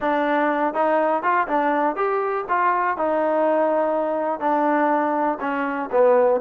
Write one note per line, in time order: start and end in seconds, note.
0.00 0.74 D4
0.74 1.22 D#4
1.22 1.47 F4
1.47 1.95 D4
1.95 2.45 G4
2.49 2.97 F4
2.97 4.40 D#4
4.40 5.38 D4
5.40 5.89 C#4
5.91 6.40 B3